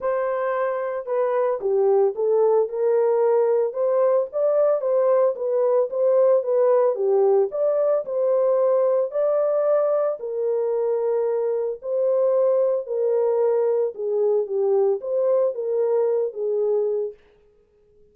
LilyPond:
\new Staff \with { instrumentName = "horn" } { \time 4/4 \tempo 4 = 112 c''2 b'4 g'4 | a'4 ais'2 c''4 | d''4 c''4 b'4 c''4 | b'4 g'4 d''4 c''4~ |
c''4 d''2 ais'4~ | ais'2 c''2 | ais'2 gis'4 g'4 | c''4 ais'4. gis'4. | }